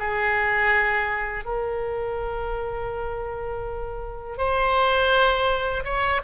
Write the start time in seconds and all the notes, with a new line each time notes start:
0.00 G#4
1.45 A#4
4.38 C5
5.85 C#5